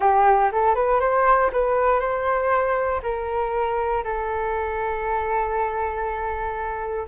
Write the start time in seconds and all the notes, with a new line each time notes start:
0.00 G4
0.52 A4
0.74 B4
1.00 C5
1.52 B4
2.00 C5
3.03 A#4
4.03 A4